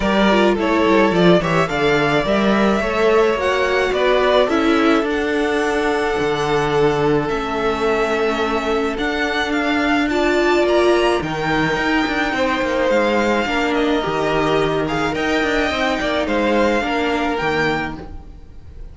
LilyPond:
<<
  \new Staff \with { instrumentName = "violin" } { \time 4/4 \tempo 4 = 107 d''4 cis''4 d''8 e''8 f''4 | e''2 fis''4 d''4 | e''4 fis''2.~ | fis''4 e''2. |
fis''4 f''4 a''4 ais''4 | g''2. f''4~ | f''8 dis''2 f''8 g''4~ | g''4 f''2 g''4 | }
  \new Staff \with { instrumentName = "violin" } { \time 4/4 ais'4 a'4. cis''8 d''4~ | d''4 cis''2 b'4 | a'1~ | a'1~ |
a'2 d''2 | ais'2 c''2 | ais'2. dis''4~ | dis''8 d''8 c''4 ais'2 | }
  \new Staff \with { instrumentName = "viola" } { \time 4/4 g'8 f'8 e'4 f'8 g'8 a'4 | ais'4 a'4 fis'2 | e'4 d'2.~ | d'4 cis'2. |
d'2 f'2 | dis'1 | d'4 g'4. gis'8 ais'4 | dis'2 d'4 ais4 | }
  \new Staff \with { instrumentName = "cello" } { \time 4/4 g4 a8 g8 f8 e8 d4 | g4 a4 ais4 b4 | cis'4 d'2 d4~ | d4 a2. |
d'2. ais4 | dis4 dis'8 d'8 c'8 ais8 gis4 | ais4 dis2 dis'8 d'8 | c'8 ais8 gis4 ais4 dis4 | }
>>